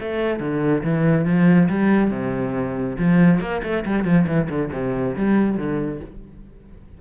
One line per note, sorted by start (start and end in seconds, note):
0.00 0.40 A3
0.40 0.83 D3
0.83 1.25 E3
1.25 1.68 F3
1.69 2.10 G3
2.10 2.97 C3
2.98 3.40 F3
3.40 3.62 A#3
3.63 3.84 A3
3.85 4.04 G3
4.04 4.26 F3
4.27 4.48 E3
4.49 4.71 D3
4.72 5.15 C3
5.16 5.57 G3
5.57 6.00 D3